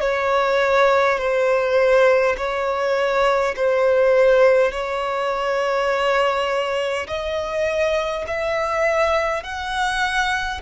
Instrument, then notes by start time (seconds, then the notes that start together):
violin
0.00 C#5
1.18 C5
2.37 C#5
3.56 C5
4.71 C#5
7.07 D#5
8.27 E5
9.43 F#5